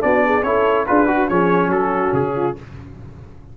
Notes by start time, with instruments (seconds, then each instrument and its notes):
0.00 tuba B3, trombone D4, horn F#4, trumpet D5
0.26 horn G#4
0.43 tuba C#4, trombone E4, horn A4, trumpet C#5
0.87 tuba D4, trombone F4, horn G#4, trumpet B4
1.07 trombone F#4, horn F#4
1.29 tuba F3, trombone C#4, horn G#4, trumpet C#5
1.68 tuba F#3, horn F#4, trumpet A4
2.13 tuba C#3, trumpet G#4
2.36 horn F4